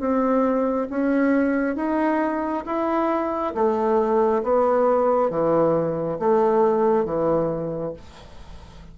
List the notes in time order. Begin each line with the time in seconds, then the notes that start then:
0.00 C4
0.90 C#4
1.76 D#4
2.66 E4
3.55 A3
4.44 B3
5.31 E3
6.19 A3
7.05 E3